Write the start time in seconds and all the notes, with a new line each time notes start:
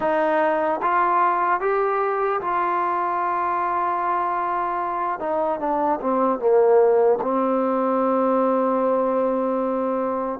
0.00 D#4
0.82 F4
1.60 G4
2.40 F4
5.19 D#4
5.59 D4
6.00 C4
6.39 A#3
7.21 C4